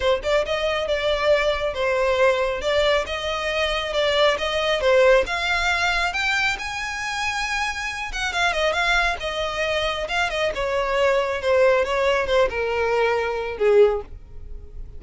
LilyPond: \new Staff \with { instrumentName = "violin" } { \time 4/4 \tempo 4 = 137 c''8 d''8 dis''4 d''2 | c''2 d''4 dis''4~ | dis''4 d''4 dis''4 c''4 | f''2 g''4 gis''4~ |
gis''2~ gis''8 fis''8 f''8 dis''8 | f''4 dis''2 f''8 dis''8 | cis''2 c''4 cis''4 | c''8 ais'2~ ais'8 gis'4 | }